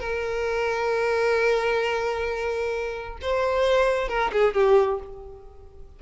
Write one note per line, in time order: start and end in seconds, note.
0.00 3.18 A#4
3.22 4.09 C5
4.09 4.32 A#4
4.33 4.54 G#4
4.54 5.00 G4